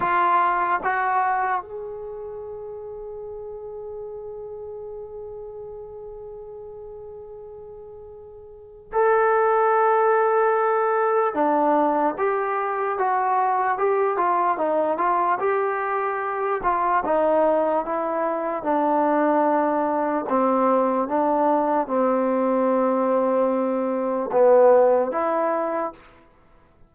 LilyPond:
\new Staff \with { instrumentName = "trombone" } { \time 4/4 \tempo 4 = 74 f'4 fis'4 gis'2~ | gis'1~ | gis'2. a'4~ | a'2 d'4 g'4 |
fis'4 g'8 f'8 dis'8 f'8 g'4~ | g'8 f'8 dis'4 e'4 d'4~ | d'4 c'4 d'4 c'4~ | c'2 b4 e'4 | }